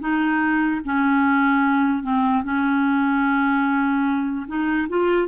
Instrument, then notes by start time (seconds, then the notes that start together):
clarinet
0.00 D#4
0.84 C#4
2.03 C4
2.44 C#4
4.47 D#4
4.88 F4